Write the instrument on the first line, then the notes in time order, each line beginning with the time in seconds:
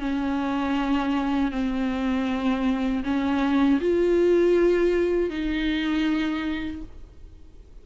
viola
0.00 C#4
1.52 C4
3.04 C#4
3.80 F4
5.30 D#4